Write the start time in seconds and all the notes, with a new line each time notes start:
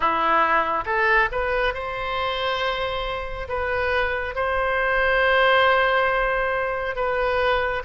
0.00 E4
0.85 A4
1.31 B4
1.74 C5
3.48 B4
4.35 C5
6.95 B4